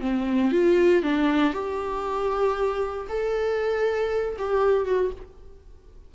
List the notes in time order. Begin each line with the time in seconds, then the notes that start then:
0.00 C4
0.52 F4
1.03 D4
1.53 G4
3.08 A4
4.38 G4
4.85 F#4